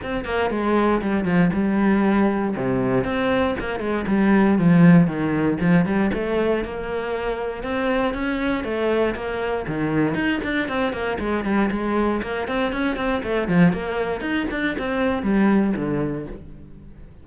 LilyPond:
\new Staff \with { instrumentName = "cello" } { \time 4/4 \tempo 4 = 118 c'8 ais8 gis4 g8 f8 g4~ | g4 c4 c'4 ais8 gis8 | g4 f4 dis4 f8 g8 | a4 ais2 c'4 |
cis'4 a4 ais4 dis4 | dis'8 d'8 c'8 ais8 gis8 g8 gis4 | ais8 c'8 cis'8 c'8 a8 f8 ais4 | dis'8 d'8 c'4 g4 d4 | }